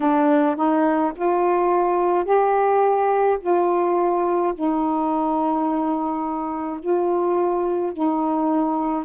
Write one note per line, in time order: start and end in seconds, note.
0.00 0.56 D4
0.56 1.12 D#4
1.15 2.24 F4
2.24 3.38 G4
3.40 4.53 F4
4.54 6.80 D#4
6.80 7.92 F4
7.92 9.04 D#4